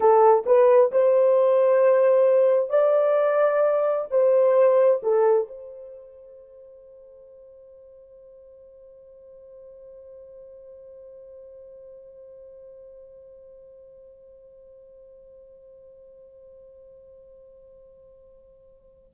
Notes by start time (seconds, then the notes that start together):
0.00 A4
0.45 B4
0.91 C5
2.69 D5
4.10 C5
5.02 A4
5.47 C5